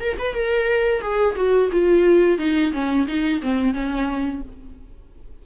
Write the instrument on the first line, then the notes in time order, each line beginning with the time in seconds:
viola
0.00 A#4
0.19 B4
0.34 A#4
1.01 G#4
1.36 F#4
1.72 F4
2.38 D#4
2.73 C#4
3.07 D#4
3.42 C4
3.73 C#4